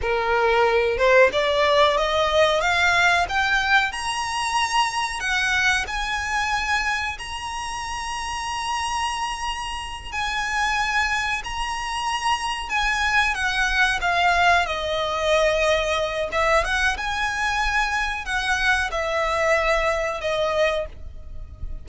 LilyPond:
\new Staff \with { instrumentName = "violin" } { \time 4/4 \tempo 4 = 92 ais'4. c''8 d''4 dis''4 | f''4 g''4 ais''2 | fis''4 gis''2 ais''4~ | ais''2.~ ais''8 gis''8~ |
gis''4. ais''2 gis''8~ | gis''8 fis''4 f''4 dis''4.~ | dis''4 e''8 fis''8 gis''2 | fis''4 e''2 dis''4 | }